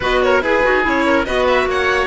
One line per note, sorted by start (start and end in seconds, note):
0.00 0.41 B3
0.00 0.43 F#4
0.00 0.19 B4
0.00 0.22 D#5
0.22 0.42 A#4
0.22 0.42 C#5
0.41 0.62 E4
0.41 1.05 G#4
0.41 0.63 G#4
0.41 0.84 B4
0.63 0.86 D#4
0.63 0.83 F#4
0.83 1.27 C#4
0.83 1.24 E4
0.83 1.25 C#5
1.05 1.26 A#4
1.25 1.65 B3
1.25 2.07 F#4
1.25 1.68 B4
1.25 1.46 D#5
1.47 1.68 E5
1.65 2.07 A#3
1.65 2.07 C#5
1.65 2.07 F#5